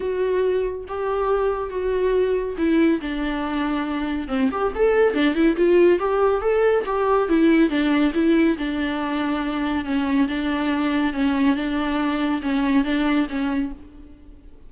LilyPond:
\new Staff \with { instrumentName = "viola" } { \time 4/4 \tempo 4 = 140 fis'2 g'2 | fis'2 e'4 d'4~ | d'2 c'8 g'8 a'4 | d'8 e'8 f'4 g'4 a'4 |
g'4 e'4 d'4 e'4 | d'2. cis'4 | d'2 cis'4 d'4~ | d'4 cis'4 d'4 cis'4 | }